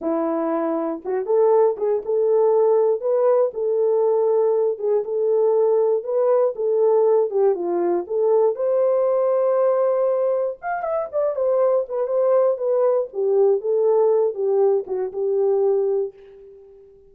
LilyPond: \new Staff \with { instrumentName = "horn" } { \time 4/4 \tempo 4 = 119 e'2 fis'8 a'4 gis'8 | a'2 b'4 a'4~ | a'4. gis'8 a'2 | b'4 a'4. g'8 f'4 |
a'4 c''2.~ | c''4 f''8 e''8 d''8 c''4 b'8 | c''4 b'4 g'4 a'4~ | a'8 g'4 fis'8 g'2 | }